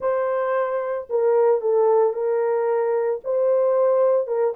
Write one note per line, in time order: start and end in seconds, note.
0.00 1.07 C5
1.09 1.61 A#4
1.61 2.13 A4
2.13 3.20 A#4
3.23 4.27 C5
4.27 4.54 A#4